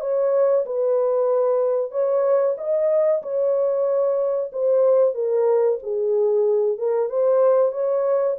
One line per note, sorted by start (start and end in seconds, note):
0.00 0.65 C#5
0.65 1.91 B4
1.91 2.55 C#5
2.57 3.22 D#5
3.22 4.51 C#5
4.52 5.14 C5
5.14 5.79 A#4
5.82 6.78 G#4
6.78 7.09 A#4
7.09 7.72 C5
7.72 8.36 C#5